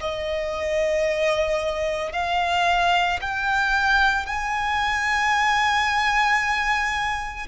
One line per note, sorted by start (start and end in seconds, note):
0.00 2.12 D#5
2.12 3.19 F5
3.21 4.26 G5
4.26 7.47 G#5